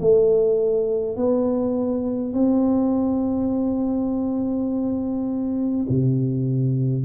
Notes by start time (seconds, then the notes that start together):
0.00 A3
1.16 B3
2.33 C4
5.89 C3